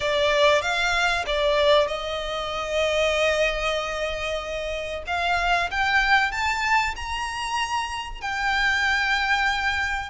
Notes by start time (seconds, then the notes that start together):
0.00 D5
0.61 F5
1.26 D5
1.87 D#5
5.07 F5
5.70 G5
6.31 A5
6.96 A#5
8.21 G5